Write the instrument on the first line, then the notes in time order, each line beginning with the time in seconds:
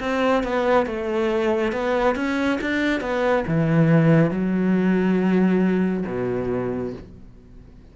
cello
0.00 C4
0.43 B3
0.86 A3
1.72 B3
2.15 C#4
2.61 D4
3.01 B3
3.47 E3
4.31 F#3
6.06 B2